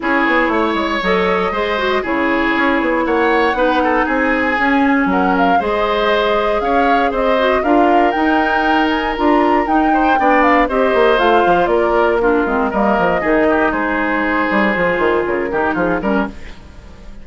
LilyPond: <<
  \new Staff \with { instrumentName = "flute" } { \time 4/4 \tempo 4 = 118 cis''2 dis''2 | cis''2 fis''2 | gis''2 fis''8 f''8 dis''4~ | dis''4 f''4 dis''4 f''4 |
g''4. gis''8 ais''4 g''4~ | g''8 f''8 dis''4 f''4 d''4 | ais'4 dis''2 c''4~ | c''2 ais'4 gis'8 ais'8 | }
  \new Staff \with { instrumentName = "oboe" } { \time 4/4 gis'4 cis''2 c''4 | gis'2 cis''4 b'8 a'8 | gis'2 ais'4 c''4~ | c''4 cis''4 c''4 ais'4~ |
ais'2.~ ais'8 c''8 | d''4 c''2 ais'4 | f'4 ais'4 gis'8 g'8 gis'4~ | gis'2~ gis'8 g'8 f'8 ais'8 | }
  \new Staff \with { instrumentName = "clarinet" } { \time 4/4 e'2 a'4 gis'8 fis'8 | e'2. dis'4~ | dis'4 cis'2 gis'4~ | gis'2~ gis'8 fis'8 f'4 |
dis'2 f'4 dis'4 | d'4 g'4 f'2 | d'8 c'8 ais4 dis'2~ | dis'4 f'4. dis'4 cis'8 | }
  \new Staff \with { instrumentName = "bassoon" } { \time 4/4 cis'8 b8 a8 gis8 fis4 gis4 | cis4 cis'8 b8 ais4 b4 | c'4 cis'4 fis4 gis4~ | gis4 cis'4 c'4 d'4 |
dis'2 d'4 dis'4 | b4 c'8 ais8 a8 f8 ais4~ | ais8 gis8 g8 f8 dis4 gis4~ | gis8 g8 f8 dis8 cis8 dis8 f8 g8 | }
>>